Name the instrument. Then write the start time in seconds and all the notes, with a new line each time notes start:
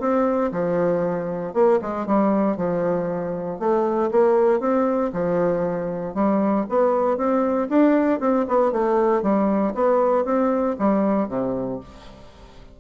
bassoon
0.00 C4
0.52 F3
1.54 A#3
1.82 G#3
2.06 G3
2.57 F3
3.59 A3
4.11 A#3
4.60 C4
5.13 F3
6.14 G3
6.69 B3
7.17 C4
7.69 D4
8.20 C4
8.48 B3
8.72 A3
9.23 G3
9.75 B3
10.25 C4
10.79 G3
11.29 C3